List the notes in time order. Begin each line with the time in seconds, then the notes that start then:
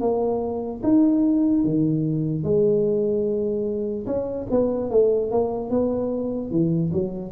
0.00 A#3
0.83 D#4
1.64 D#3
2.43 G#3
4.06 C#4
4.50 B3
4.90 A3
5.31 A#3
5.70 B3
6.50 E3
6.93 F#3